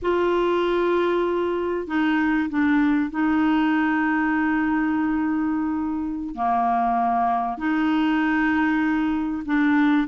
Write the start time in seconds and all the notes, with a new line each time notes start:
0.02 F4
1.87 D#4
2.49 D4
3.10 D#4
6.35 A#3
7.57 D#4
9.45 D4